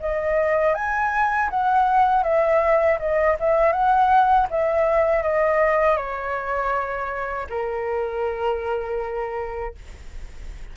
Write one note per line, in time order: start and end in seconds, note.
0.00 0.75 D#5
0.75 1.50 G#5
1.50 2.24 F#5
2.24 2.99 E5
2.99 3.37 D#5
3.40 3.73 E5
3.73 4.48 F#5
4.51 5.23 E5
5.23 5.97 D#5
5.97 7.47 C#5
7.50 9.75 A#4